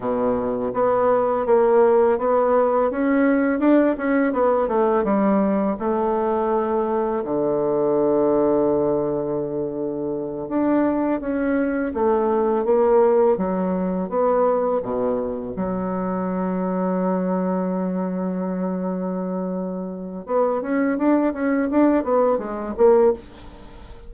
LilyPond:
\new Staff \with { instrumentName = "bassoon" } { \time 4/4 \tempo 4 = 83 b,4 b4 ais4 b4 | cis'4 d'8 cis'8 b8 a8 g4 | a2 d2~ | d2~ d8 d'4 cis'8~ |
cis'8 a4 ais4 fis4 b8~ | b8 b,4 fis2~ fis8~ | fis1 | b8 cis'8 d'8 cis'8 d'8 b8 gis8 ais8 | }